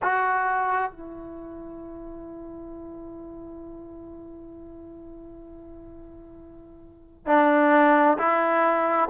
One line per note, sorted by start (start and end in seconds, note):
0.02 0.91 F#4
0.91 7.26 E4
7.26 8.17 D4
8.18 9.09 E4